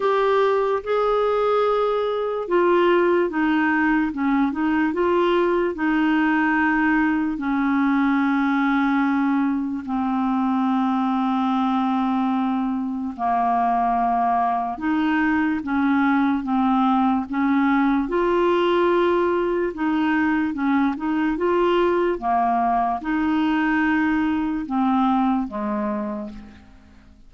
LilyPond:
\new Staff \with { instrumentName = "clarinet" } { \time 4/4 \tempo 4 = 73 g'4 gis'2 f'4 | dis'4 cis'8 dis'8 f'4 dis'4~ | dis'4 cis'2. | c'1 |
ais2 dis'4 cis'4 | c'4 cis'4 f'2 | dis'4 cis'8 dis'8 f'4 ais4 | dis'2 c'4 gis4 | }